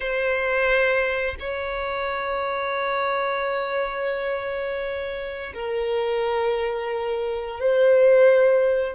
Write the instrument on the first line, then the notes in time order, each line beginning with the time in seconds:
violin
0.00 C5
1.39 C#5
5.54 A#4
7.60 C5